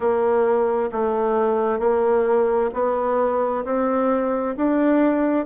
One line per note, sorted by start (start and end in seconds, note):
0.00 0.90 A#3
0.92 1.79 A3
1.79 2.70 A#3
2.73 3.64 B3
3.64 4.55 C4
4.57 5.45 D4